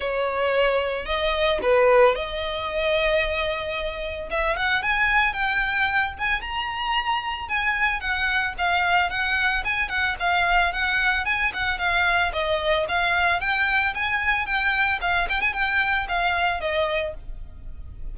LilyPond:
\new Staff \with { instrumentName = "violin" } { \time 4/4 \tempo 4 = 112 cis''2 dis''4 b'4 | dis''1 | e''8 fis''8 gis''4 g''4. gis''8 | ais''2 gis''4 fis''4 |
f''4 fis''4 gis''8 fis''8 f''4 | fis''4 gis''8 fis''8 f''4 dis''4 | f''4 g''4 gis''4 g''4 | f''8 g''16 gis''16 g''4 f''4 dis''4 | }